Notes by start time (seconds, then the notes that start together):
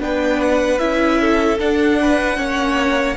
0.00 B3 D4 B4 G5
0.41 F#5
0.79 C#4 E4 E5
1.21 A4
1.59 D4 F#5
2.02 B4
2.37 A#3 C#4 C#5